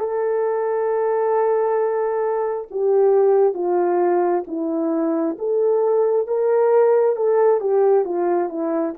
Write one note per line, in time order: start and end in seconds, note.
0.00 2.69 A4
2.71 3.55 G4
3.55 4.44 F4
4.47 5.37 E4
5.39 6.27 A4
6.27 7.16 A#4
7.16 7.61 A4
7.61 8.05 G4
8.05 8.50 F4
8.50 8.94 E4